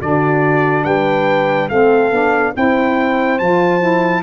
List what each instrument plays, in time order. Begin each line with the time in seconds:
0.00 tuba D3, saxophone D4, horn F#4, trumpet D5
0.84 tuba G3, horn B4, trumpet G5
1.69 tuba A3, saxophone C4, horn A4, trumpet F5
2.11 tuba B3, saxophone D4
2.54 tuba C4, saxophone E4, horn C5, trumpet G5
3.39 tuba F3, saxophone F4, trumpet A5
3.80 saxophone E4